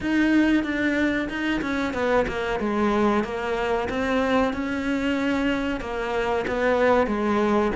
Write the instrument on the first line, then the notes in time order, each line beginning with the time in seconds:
cello
0.01 D#4
0.63 D4
1.29 D#4
1.61 C#4
1.93 B3
2.27 A#3
2.59 G#3
3.24 A#3
3.89 C4
4.53 C#4
5.80 A#3
6.47 B3
7.06 G#3